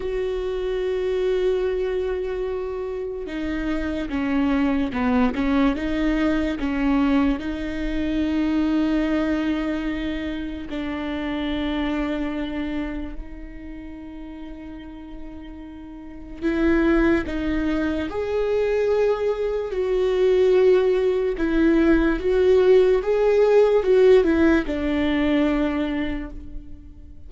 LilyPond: \new Staff \with { instrumentName = "viola" } { \time 4/4 \tempo 4 = 73 fis'1 | dis'4 cis'4 b8 cis'8 dis'4 | cis'4 dis'2.~ | dis'4 d'2. |
dis'1 | e'4 dis'4 gis'2 | fis'2 e'4 fis'4 | gis'4 fis'8 e'8 d'2 | }